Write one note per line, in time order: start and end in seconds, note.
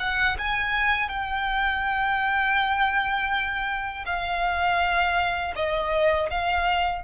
0.00 0.37 F#5
0.38 1.09 G#5
1.09 4.05 G5
4.06 5.54 F5
5.56 6.30 D#5
6.31 7.04 F5